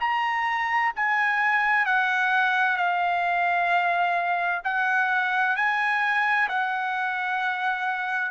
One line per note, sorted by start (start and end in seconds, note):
0.00 0.92 A#5
0.96 1.85 G#5
1.85 2.77 F#5
2.77 4.61 F5
4.64 5.56 F#5
5.56 6.48 G#5
6.48 8.31 F#5